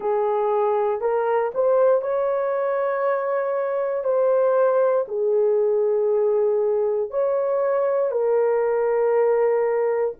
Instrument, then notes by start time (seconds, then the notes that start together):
horn
0.00 G#4
1.00 A#4
1.54 C5
2.01 C#5
4.04 C5
5.08 G#4
7.10 C#5
8.11 A#4